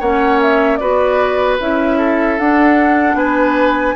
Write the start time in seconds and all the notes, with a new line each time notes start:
0.00 A#3 C#4 C#5 F#5
0.42 E5
0.77 B3 F#4 B4 D5
1.60 C#4 E4 E5
1.98 A4
2.39 D4 F#5
3.15 B3 B4 G#5